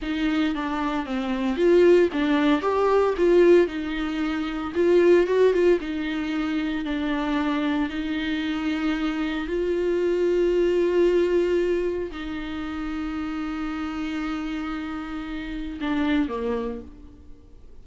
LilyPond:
\new Staff \with { instrumentName = "viola" } { \time 4/4 \tempo 4 = 114 dis'4 d'4 c'4 f'4 | d'4 g'4 f'4 dis'4~ | dis'4 f'4 fis'8 f'8 dis'4~ | dis'4 d'2 dis'4~ |
dis'2 f'2~ | f'2. dis'4~ | dis'1~ | dis'2 d'4 ais4 | }